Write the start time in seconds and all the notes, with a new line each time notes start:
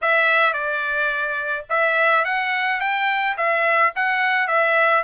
0.01 E5
0.53 D5
1.69 E5
2.24 F#5
2.80 G5
3.37 E5
3.95 F#5
4.47 E5